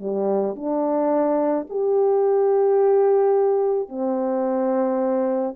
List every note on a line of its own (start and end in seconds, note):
0.00 0.56 G3
0.56 1.67 D4
1.69 3.89 G4
3.89 5.56 C4